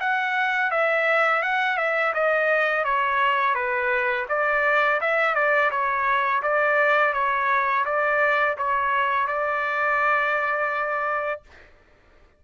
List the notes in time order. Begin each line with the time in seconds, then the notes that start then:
0.00 F#5
0.71 E5
1.43 F#5
1.78 E5
2.14 D#5
2.84 C#5
3.55 B4
4.29 D5
5.01 E5
5.35 D5
5.71 C#5
6.42 D5
7.14 C#5
7.85 D5
8.58 C#5
9.28 D5